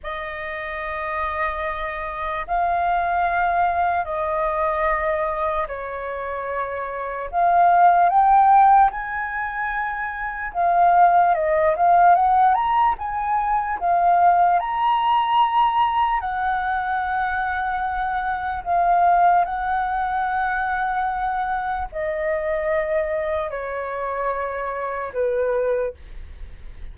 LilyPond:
\new Staff \with { instrumentName = "flute" } { \time 4/4 \tempo 4 = 74 dis''2. f''4~ | f''4 dis''2 cis''4~ | cis''4 f''4 g''4 gis''4~ | gis''4 f''4 dis''8 f''8 fis''8 ais''8 |
gis''4 f''4 ais''2 | fis''2. f''4 | fis''2. dis''4~ | dis''4 cis''2 b'4 | }